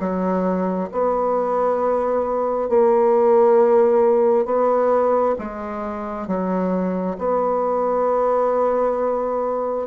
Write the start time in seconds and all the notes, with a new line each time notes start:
0.00 F#3
0.92 B3
2.69 A#3
4.45 B3
5.39 G#3
6.27 F#3
7.18 B3